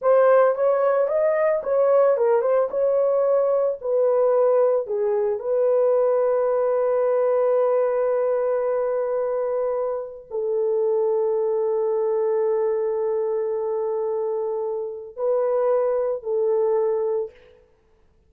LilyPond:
\new Staff \with { instrumentName = "horn" } { \time 4/4 \tempo 4 = 111 c''4 cis''4 dis''4 cis''4 | ais'8 c''8 cis''2 b'4~ | b'4 gis'4 b'2~ | b'1~ |
b'2. a'4~ | a'1~ | a'1 | b'2 a'2 | }